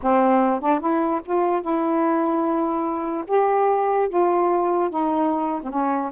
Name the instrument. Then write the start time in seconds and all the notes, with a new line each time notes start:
saxophone
0.02 C4
0.60 D4
0.80 E4
1.25 F4
1.61 E4
3.27 G4
4.08 F4
4.90 D#4
5.62 C4
5.71 C#4